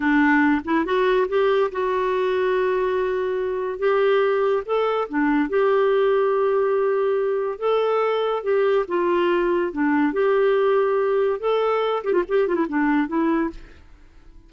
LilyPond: \new Staff \with { instrumentName = "clarinet" } { \time 4/4 \tempo 4 = 142 d'4. e'8 fis'4 g'4 | fis'1~ | fis'4 g'2 a'4 | d'4 g'2.~ |
g'2 a'2 | g'4 f'2 d'4 | g'2. a'4~ | a'8 g'16 f'16 g'8 f'16 e'16 d'4 e'4 | }